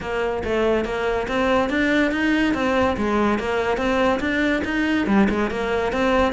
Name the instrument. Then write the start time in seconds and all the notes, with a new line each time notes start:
cello
0.01 A#3
0.44 A3
0.85 A#3
1.28 C4
1.69 D4
2.11 D#4
2.54 C4
2.97 G#3
3.38 A#3
3.77 C4
4.20 D4
4.64 D#4
5.06 G3
5.29 G#3
5.50 A#3
5.92 C4